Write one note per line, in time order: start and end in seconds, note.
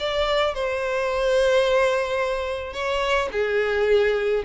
0.00 0.55 D5
0.55 2.73 C5
2.73 3.29 C#5
3.32 4.43 G#4